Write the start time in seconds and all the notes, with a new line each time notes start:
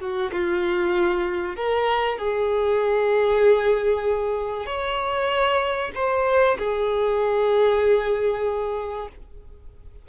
0.00 F#4
0.32 F4
1.56 A#4
2.18 G#4
4.66 C#5
5.95 C5
6.58 G#4